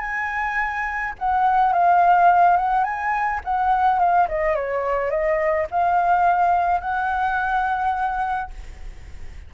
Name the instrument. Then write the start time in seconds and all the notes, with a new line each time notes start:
flute
0.00 G#5
1.18 F#5
1.73 F5
2.56 F#5
2.84 G#5
3.44 F#5
3.99 F5
4.28 D#5
4.55 C#5
5.10 D#5
5.70 F5
6.80 F#5